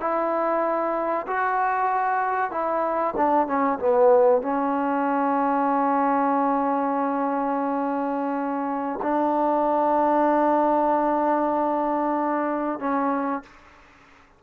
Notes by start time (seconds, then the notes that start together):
0.00 E4
1.27 F#4
2.51 E4
3.17 D4
3.47 C#4
3.79 B3
4.42 C#4
9.02 D4
12.79 C#4